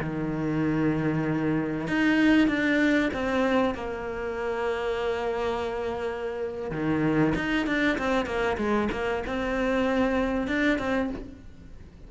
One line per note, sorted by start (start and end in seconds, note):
0.00 1.87 D#3
1.87 2.47 D#4
2.47 3.10 D4
3.13 3.74 C4
3.74 6.71 A#3
6.71 7.33 D#3
7.35 7.66 D#4
7.66 7.97 D4
7.98 8.25 C4
8.25 8.57 A#3
8.57 8.88 G#3
8.92 9.23 A#3
9.26 10.47 C4
10.47 10.78 D4
10.78 11.09 C4